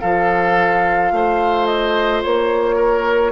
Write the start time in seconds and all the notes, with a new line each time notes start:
0.00 F3 F4 A4 F5
1.11 A3 C5
1.66 D#5
2.23 A#3 C#5
2.75 A#4